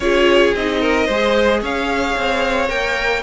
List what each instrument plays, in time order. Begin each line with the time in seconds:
0.00 cello C#4, viola F4, violin G#4 C#5
0.53 cello C4, viola D#4, violin D#5
0.80 violin A#4
1.06 cello G#3, viola G#4, violin C5
1.61 cello C#4, violin C#5 F5
2.17 cello C4
2.68 cello A#3, viola A#4, violin G5